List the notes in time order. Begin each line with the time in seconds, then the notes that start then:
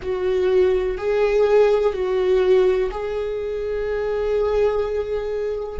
0.01 F#4
0.97 G#4
1.93 F#4
2.91 G#4